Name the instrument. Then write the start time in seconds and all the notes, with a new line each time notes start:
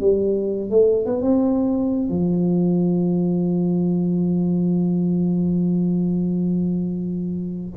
tuba
0.00 G3
0.70 A3
1.06 B3
1.22 C4
2.09 F3